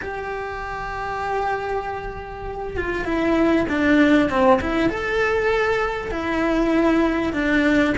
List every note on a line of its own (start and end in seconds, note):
0.01 2.76 G4
2.76 3.04 F4
3.04 3.66 E4
3.68 4.29 D4
4.29 4.60 C4
4.60 4.89 E4
4.89 6.11 A4
6.11 7.33 E4
7.33 7.94 D4